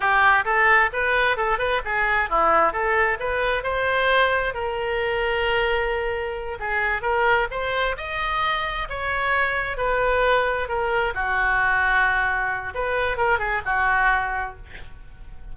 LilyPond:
\new Staff \with { instrumentName = "oboe" } { \time 4/4 \tempo 4 = 132 g'4 a'4 b'4 a'8 b'8 | gis'4 e'4 a'4 b'4 | c''2 ais'2~ | ais'2~ ais'8 gis'4 ais'8~ |
ais'8 c''4 dis''2 cis''8~ | cis''4. b'2 ais'8~ | ais'8 fis'2.~ fis'8 | b'4 ais'8 gis'8 fis'2 | }